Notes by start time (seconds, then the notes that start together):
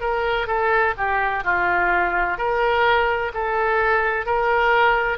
0.00 A#4
0.47 A4
0.97 G4
1.44 F4
2.38 A#4
3.33 A4
4.26 A#4